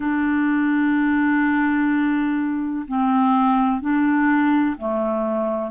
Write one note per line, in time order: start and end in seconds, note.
0.00 2.86 D4
2.87 3.81 C4
3.81 4.76 D4
4.77 5.71 A3